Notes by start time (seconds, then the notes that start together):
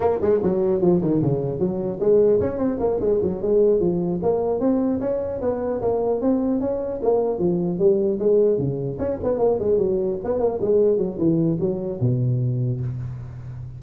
0.00 A#3
0.21 G#3
0.43 F#3
0.81 F3
1.01 D#3
1.22 C#3
1.59 F#3
2.00 G#3
2.40 C#4
2.58 C4
2.79 A#3
3.00 G#3
3.22 F#3
3.41 G#3
3.80 F3
4.22 A#3
4.60 C4
5.00 C#4
5.41 B3
5.81 A#3
6.21 C4
6.60 C#4
7.02 A#3
7.38 F3
7.79 G3
8.19 G#3
8.58 C#3
8.99 C#4
9.23 B3
9.38 A#3
9.59 G#3
9.78 F#3
10.23 B3
10.39 A#3
10.61 G#3
10.97 F#3
11.18 E3
11.60 F#3
12.00 B2